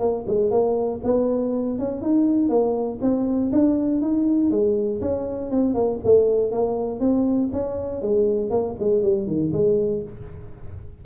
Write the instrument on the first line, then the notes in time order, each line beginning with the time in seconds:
tuba
0.00 A#3
0.27 G#3
0.51 A#3
1.04 B3
1.79 C#4
2.02 D#4
2.50 A#3
3.02 C4
3.53 D4
4.02 D#4
4.51 G#3
5.01 C#4
5.51 C4
5.75 A#3
6.05 A3
6.52 A#3
7.00 C4
7.53 C#4
8.02 G#3
8.50 A#3
8.80 G#3
9.03 G3
9.28 D#3
9.53 G#3